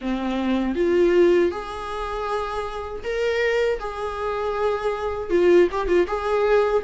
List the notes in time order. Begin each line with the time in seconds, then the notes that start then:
0.01 C4
0.75 F4
1.51 G#4
3.03 A#4
3.79 G#4
5.30 F4
5.71 G4
5.87 F4
6.07 G#4